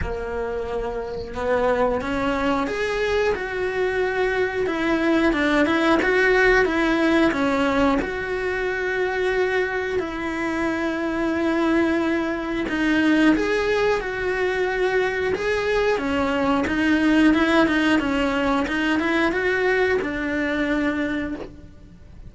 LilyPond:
\new Staff \with { instrumentName = "cello" } { \time 4/4 \tempo 4 = 90 ais2 b4 cis'4 | gis'4 fis'2 e'4 | d'8 e'8 fis'4 e'4 cis'4 | fis'2. e'4~ |
e'2. dis'4 | gis'4 fis'2 gis'4 | cis'4 dis'4 e'8 dis'8 cis'4 | dis'8 e'8 fis'4 d'2 | }